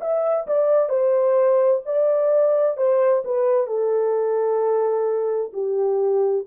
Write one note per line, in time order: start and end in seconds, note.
0.00 0.46 E5
0.47 0.89 D5
0.89 1.81 C5
1.85 2.77 D5
2.77 3.23 C5
3.24 3.67 B4
3.67 5.51 A4
5.53 6.45 G4